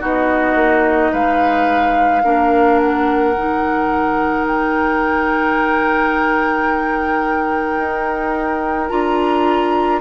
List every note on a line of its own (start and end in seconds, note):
0.00 0.55 B3
0.00 2.22 D#4
0.00 1.11 F#4
0.00 1.14 D#5
0.55 1.10 A#3
1.11 2.24 G#3
1.11 2.22 B4
1.11 2.79 F5
2.23 3.35 A#3
2.23 3.34 D4
2.23 10.01 A#4
2.79 4.46 F#5
3.35 7.78 D#3
3.35 8.90 D#4
4.47 8.89 G5
7.78 8.89 D#4
8.89 10.01 D4
8.89 10.01 F4
8.89 10.00 A#5